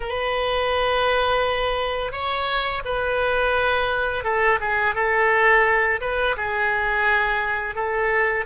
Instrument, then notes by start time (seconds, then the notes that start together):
oboe
0.00 B4
2.11 C#5
2.84 B4
4.24 A4
4.60 G#4
4.94 A4
6.00 B4
6.37 G#4
7.75 A4